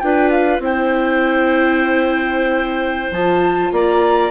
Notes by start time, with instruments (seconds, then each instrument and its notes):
0.00 bassoon D4, viola F4, clarinet B4, flute G5
0.30 flute F5
0.59 bassoon C4, viola E4, clarinet C5, flute G5
3.11 bassoon F3, viola F4, flute A5
3.71 bassoon A#3, clarinet D5, flute A#5